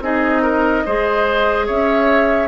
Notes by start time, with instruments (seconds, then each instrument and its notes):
0.00 bassoon C4, clarinet D#4, oboe G#4, flute D#5
0.42 oboe A#4
0.85 bassoon G#3, clarinet G#4, oboe C5
1.66 bassoon C#4, oboe C#5, flute E5